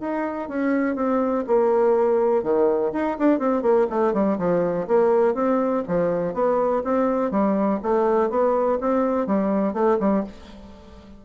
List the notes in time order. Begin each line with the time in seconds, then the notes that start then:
0.00 D#4
0.49 C#4
0.95 C4
1.47 A#3
2.43 D#3
2.92 D#4
3.18 D4
3.39 C4
3.62 A#3
3.90 A3
4.13 G3
4.38 F3
4.87 A#3
5.34 C4
5.88 F3
6.34 B3
6.84 C4
7.31 G3
7.82 A3
8.29 B3
8.80 C4
9.27 G3
9.73 A3
10.00 G3